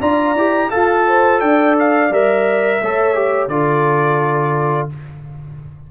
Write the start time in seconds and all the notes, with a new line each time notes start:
0.00 D4 F4 D5 A#5
0.35 E4 G4
0.70 F4 A4 F5 A5
1.07 C5
1.41 D4 D5 G5
1.79 F5
2.11 G3 A#4 E5
2.82 A3 A4 C#5
3.15 G4
3.48 D3 F4 A4 D5